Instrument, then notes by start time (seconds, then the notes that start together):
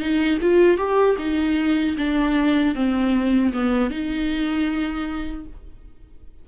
viola
0.00 D#4
0.41 F4
0.78 G4
1.19 D#4
1.98 D4
2.75 C4
3.53 B3
3.90 D#4